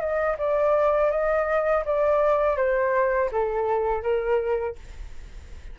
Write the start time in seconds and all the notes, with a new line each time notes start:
0.00 D#5
0.38 D5
1.11 D#5
1.85 D5
2.57 C5
3.32 A4
4.02 A#4